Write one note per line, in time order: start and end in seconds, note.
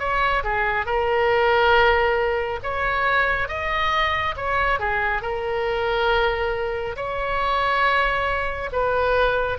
0.00 0.43 C#5
0.44 0.86 G#4
0.86 2.60 A#4
2.64 3.49 C#5
3.49 4.36 D#5
4.37 4.80 C#5
4.80 5.23 G#4
5.23 6.96 A#4
6.96 8.70 C#5
8.73 9.59 B4